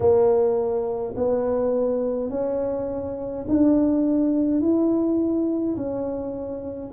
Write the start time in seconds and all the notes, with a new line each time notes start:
0.00 A#3
1.16 B3
2.30 C#4
3.48 D4
4.60 E4
5.76 C#4